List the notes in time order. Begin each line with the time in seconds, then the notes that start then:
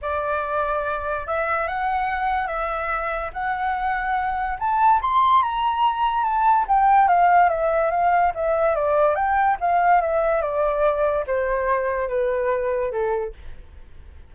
0.01 D5
1.27 E5
1.67 F#5
2.47 E5
3.33 F#5
4.59 A5
5.01 C6
5.42 A#5
6.23 A5
6.68 G5
7.07 F5
7.49 E5
7.90 F5
8.34 E5
8.75 D5
9.15 G5
9.60 F5
10.01 E5
10.41 D5
11.27 C5
12.08 B4
12.91 A4